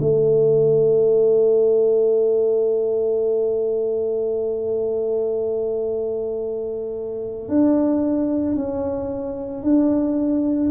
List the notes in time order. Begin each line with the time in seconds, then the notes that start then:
0.00 A3
7.49 D4
8.56 C#4
9.63 D4